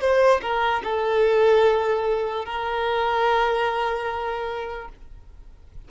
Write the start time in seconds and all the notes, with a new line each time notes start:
0.00 C5
0.41 A#4
0.83 A4
2.45 A#4